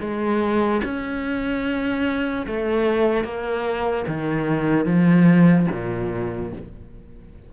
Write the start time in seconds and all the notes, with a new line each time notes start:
0.00 G#3
0.84 C#4
2.46 A3
3.24 A#3
4.07 D#3
4.85 F3
5.71 A#2